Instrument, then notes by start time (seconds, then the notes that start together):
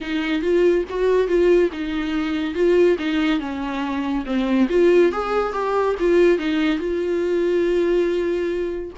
viola
0.00 D#4
0.42 F4
0.89 F#4
1.27 F4
1.72 D#4
2.54 F4
2.98 D#4
3.39 C#4
4.25 C4
4.69 F4
5.12 G#4
5.52 G4
5.99 F4
6.38 D#4
6.78 F4